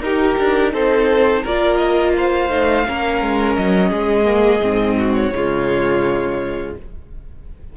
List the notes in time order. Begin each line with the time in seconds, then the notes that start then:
0.00 D#4 G4 A#4
0.38 D4
0.73 C4 A4 C5
1.42 A#3 F4 A#4 D5
1.77 D#5
2.16 C5 F5
2.49 A3 D#4
2.86 A#3 C#4 A#4
3.21 G#3
3.55 F#3 D#5
3.89 G#3 G#4
4.25 A#3
4.61 G#2 C4
4.98 F#4
5.14 C#5
5.31 C#3 G#3 F4